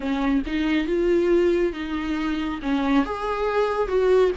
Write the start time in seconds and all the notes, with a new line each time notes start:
0.00 C#4
0.46 D#4
0.87 F4
1.72 D#4
2.62 C#4
3.05 G#4
3.87 F#4